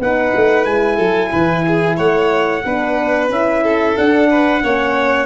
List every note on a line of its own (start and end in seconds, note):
0.00 0.33 B3
0.00 0.65 D#4
0.00 0.97 B4
0.00 0.65 F#5
0.36 0.66 A3
0.65 0.99 G#3
0.65 2.63 E4
0.65 1.97 G#5
0.97 1.32 F#3
0.97 1.30 A4
1.32 1.99 E3
1.32 1.65 B4
1.68 1.97 G#4
1.97 2.65 A3
1.97 2.63 C#5
1.97 3.30 F#5
2.66 3.30 B3
2.66 3.31 D4
2.66 3.64 B4
3.30 3.96 C#4
3.30 3.96 E4
3.30 3.97 E5
3.64 4.30 A4
3.96 4.62 D4
3.96 4.64 D4
3.96 5.27 F#5
4.30 4.63 B4
4.62 5.27 A#3
4.62 5.27 C#4
4.62 5.27 C#5